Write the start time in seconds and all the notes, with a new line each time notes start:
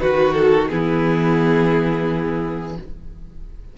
0.00 D#3 F#4 B4
0.33 A4
0.69 E3 B3 E4 G#4